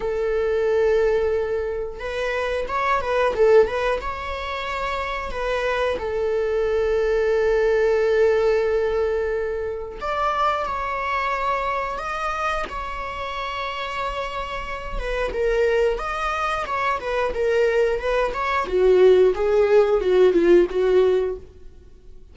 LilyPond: \new Staff \with { instrumentName = "viola" } { \time 4/4 \tempo 4 = 90 a'2. b'4 | cis''8 b'8 a'8 b'8 cis''2 | b'4 a'2.~ | a'2. d''4 |
cis''2 dis''4 cis''4~ | cis''2~ cis''8 b'8 ais'4 | dis''4 cis''8 b'8 ais'4 b'8 cis''8 | fis'4 gis'4 fis'8 f'8 fis'4 | }